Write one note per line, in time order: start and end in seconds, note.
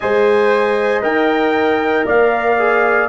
0.00 1.02 G#3
0.00 1.02 C5
0.00 2.06 D#5
0.00 1.01 G#5
1.02 2.05 D#4
1.02 2.57 A#4
1.02 2.06 G5
2.06 3.09 A#3
2.06 3.09 D5
2.06 3.09 F5
2.58 3.09 G#4